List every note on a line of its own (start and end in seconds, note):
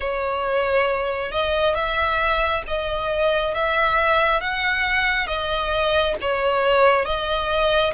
0.00 1.31 C#5
1.31 1.74 D#5
1.74 2.62 E5
2.67 3.54 D#5
3.54 4.40 E5
4.40 5.27 F#5
5.27 6.15 D#5
6.21 7.05 C#5
7.05 7.93 D#5